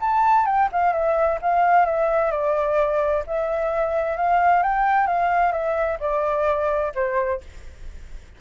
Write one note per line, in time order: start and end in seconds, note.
0.00 0.45 A5
0.45 0.68 G5
0.71 0.92 F5
0.92 1.38 E5
1.41 1.85 F5
1.85 2.31 E5
2.31 3.23 D5
3.26 4.16 E5
4.16 4.62 F5
4.62 5.06 G5
5.06 5.51 F5
5.51 5.97 E5
6.00 6.92 D5
6.94 7.41 C5